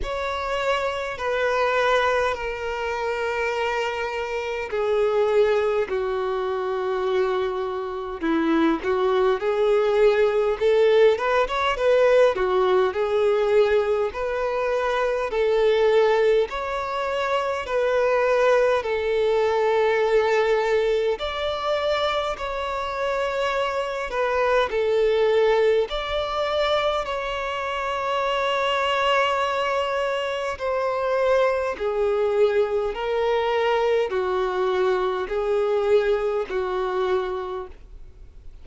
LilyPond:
\new Staff \with { instrumentName = "violin" } { \time 4/4 \tempo 4 = 51 cis''4 b'4 ais'2 | gis'4 fis'2 e'8 fis'8 | gis'4 a'8 b'16 cis''16 b'8 fis'8 gis'4 | b'4 a'4 cis''4 b'4 |
a'2 d''4 cis''4~ | cis''8 b'8 a'4 d''4 cis''4~ | cis''2 c''4 gis'4 | ais'4 fis'4 gis'4 fis'4 | }